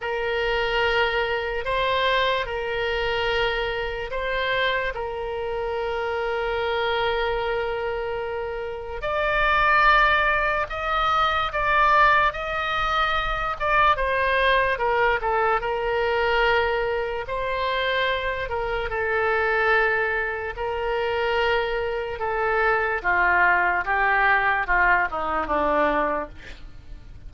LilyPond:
\new Staff \with { instrumentName = "oboe" } { \time 4/4 \tempo 4 = 73 ais'2 c''4 ais'4~ | ais'4 c''4 ais'2~ | ais'2. d''4~ | d''4 dis''4 d''4 dis''4~ |
dis''8 d''8 c''4 ais'8 a'8 ais'4~ | ais'4 c''4. ais'8 a'4~ | a'4 ais'2 a'4 | f'4 g'4 f'8 dis'8 d'4 | }